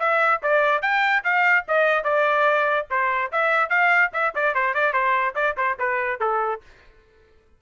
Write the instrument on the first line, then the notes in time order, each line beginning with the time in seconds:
trumpet
0.00 E5
0.43 D5
0.82 G5
1.24 F5
1.69 D#5
2.04 D5
2.91 C5
3.32 E5
3.70 F5
4.14 E5
4.36 D5
4.55 C5
4.75 D5
4.93 C5
5.35 D5
5.58 C5
5.79 B4
6.21 A4